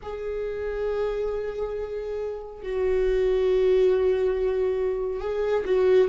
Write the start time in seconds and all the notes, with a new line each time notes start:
0.02 G#4
2.62 F#4
5.20 G#4
5.64 F#4